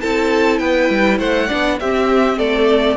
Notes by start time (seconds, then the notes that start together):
0.00 C4 E4 A4 A5
0.58 B3 B4 G5
0.90 G3
1.19 A3 C5 F#5
1.46 D4 D5
1.52 B3
1.79 C4 G4 E5
2.37 A3 A4 D5